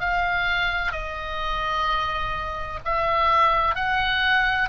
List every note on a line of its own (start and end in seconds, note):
0.00 0.92 F5
0.92 2.79 D#5
2.85 3.75 E5
3.75 4.69 F#5